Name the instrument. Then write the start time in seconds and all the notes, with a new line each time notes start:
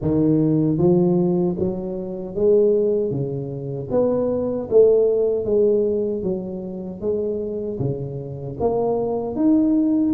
tuba
0.01 D#3
0.78 F3
1.58 F#3
2.35 G#3
3.10 C#3
3.90 B3
4.70 A3
5.44 G#3
6.23 F#3
7.01 G#3
7.79 C#3
8.59 A#3
9.35 D#4